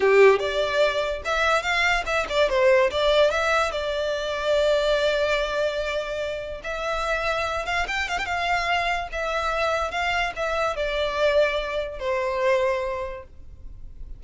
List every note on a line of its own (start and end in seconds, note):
0.00 0.39 G4
0.39 1.22 D5
1.25 1.62 E5
1.62 2.03 F5
2.05 2.26 E5
2.29 2.49 D5
2.49 2.90 C5
2.90 3.30 D5
3.30 3.71 E5
3.71 6.61 D5
6.63 7.65 E5
7.65 7.86 F5
7.87 8.08 G5
8.08 8.18 F5
8.18 8.25 G5
8.25 9.08 F5
9.12 9.91 E5
9.91 10.32 F5
10.36 10.76 E5
10.76 11.99 D5
11.99 13.23 C5